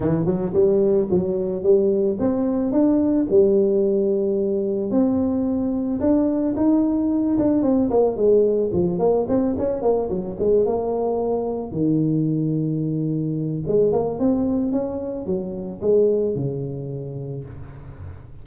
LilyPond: \new Staff \with { instrumentName = "tuba" } { \time 4/4 \tempo 4 = 110 e8 fis8 g4 fis4 g4 | c'4 d'4 g2~ | g4 c'2 d'4 | dis'4. d'8 c'8 ais8 gis4 |
f8 ais8 c'8 cis'8 ais8 fis8 gis8 ais8~ | ais4. dis2~ dis8~ | dis4 gis8 ais8 c'4 cis'4 | fis4 gis4 cis2 | }